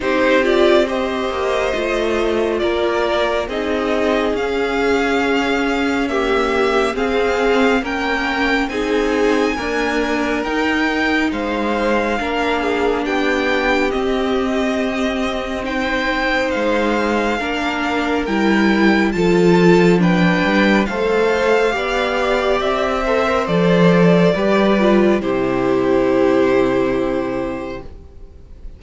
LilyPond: <<
  \new Staff \with { instrumentName = "violin" } { \time 4/4 \tempo 4 = 69 c''8 d''8 dis''2 d''4 | dis''4 f''2 e''4 | f''4 g''4 gis''2 | g''4 f''2 g''4 |
dis''2 g''4 f''4~ | f''4 g''4 a''4 g''4 | f''2 e''4 d''4~ | d''4 c''2. | }
  \new Staff \with { instrumentName = "violin" } { \time 4/4 g'4 c''2 ais'4 | gis'2. g'4 | gis'4 ais'4 gis'4 ais'4~ | ais'4 c''4 ais'8 gis'8 g'4~ |
g'2 c''2 | ais'2 a'4 b'4 | c''4 d''4. c''4. | b'4 g'2. | }
  \new Staff \with { instrumentName = "viola" } { \time 4/4 dis'8 f'8 g'4 f'2 | dis'4 cis'2 ais4 | c'4 cis'4 dis'4 ais4 | dis'2 d'2 |
c'2 dis'2 | d'4 e'4 f'4 d'4 | a'4 g'4. a'16 ais'16 a'4 | g'8 f'8 e'2. | }
  \new Staff \with { instrumentName = "cello" } { \time 4/4 c'4. ais8 a4 ais4 | c'4 cis'2. | c'4 ais4 c'4 d'4 | dis'4 gis4 ais4 b4 |
c'2. gis4 | ais4 g4 f4. g8 | a4 b4 c'4 f4 | g4 c2. | }
>>